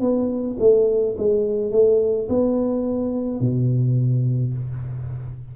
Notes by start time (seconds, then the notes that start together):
0.00 B3
0.59 A3
1.18 G#3
1.71 A3
2.28 B3
3.40 B2